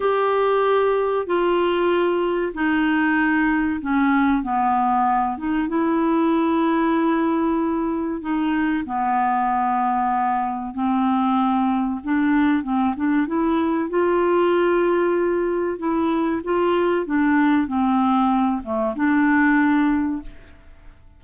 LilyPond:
\new Staff \with { instrumentName = "clarinet" } { \time 4/4 \tempo 4 = 95 g'2 f'2 | dis'2 cis'4 b4~ | b8 dis'8 e'2.~ | e'4 dis'4 b2~ |
b4 c'2 d'4 | c'8 d'8 e'4 f'2~ | f'4 e'4 f'4 d'4 | c'4. a8 d'2 | }